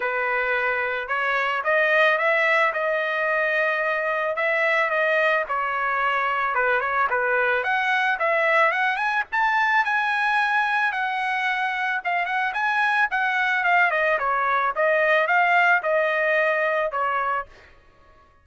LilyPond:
\new Staff \with { instrumentName = "trumpet" } { \time 4/4 \tempo 4 = 110 b'2 cis''4 dis''4 | e''4 dis''2. | e''4 dis''4 cis''2 | b'8 cis''8 b'4 fis''4 e''4 |
fis''8 gis''8 a''4 gis''2 | fis''2 f''8 fis''8 gis''4 | fis''4 f''8 dis''8 cis''4 dis''4 | f''4 dis''2 cis''4 | }